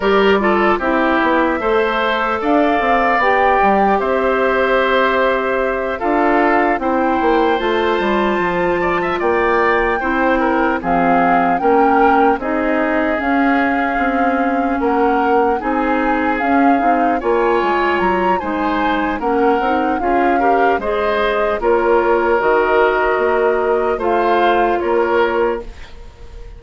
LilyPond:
<<
  \new Staff \with { instrumentName = "flute" } { \time 4/4 \tempo 4 = 75 d''4 e''2 f''4 | g''4 e''2~ e''8 f''8~ | f''8 g''4 a''2 g''8~ | g''4. f''4 g''4 dis''8~ |
dis''8 f''2 fis''4 gis''8~ | gis''8 f''4 gis''4 ais''8 gis''4 | fis''4 f''4 dis''4 cis''4 | dis''2 f''4 cis''4 | }
  \new Staff \with { instrumentName = "oboe" } { \time 4/4 ais'8 a'8 g'4 c''4 d''4~ | d''4 c''2~ c''8 a'8~ | a'8 c''2~ c''8 d''16 e''16 d''8~ | d''8 c''8 ais'8 gis'4 ais'4 gis'8~ |
gis'2~ gis'8 ais'4 gis'8~ | gis'4. cis''4. c''4 | ais'4 gis'8 ais'8 c''4 ais'4~ | ais'2 c''4 ais'4 | }
  \new Staff \with { instrumentName = "clarinet" } { \time 4/4 g'8 f'8 e'4 a'2 | g'2.~ g'8 f'8~ | f'8 e'4 f'2~ f'8~ | f'8 e'4 c'4 cis'4 dis'8~ |
dis'8 cis'2. dis'8~ | dis'8 cis'8 dis'8 f'4. dis'4 | cis'8 dis'8 f'8 g'8 gis'4 f'4 | fis'2 f'2 | }
  \new Staff \with { instrumentName = "bassoon" } { \time 4/4 g4 c'8 b8 a4 d'8 c'8 | b8 g8 c'2~ c'8 d'8~ | d'8 c'8 ais8 a8 g8 f4 ais8~ | ais8 c'4 f4 ais4 c'8~ |
c'8 cis'4 c'4 ais4 c'8~ | c'8 cis'8 c'8 ais8 gis8 fis8 gis4 | ais8 c'8 cis'4 gis4 ais4 | dis4 ais4 a4 ais4 | }
>>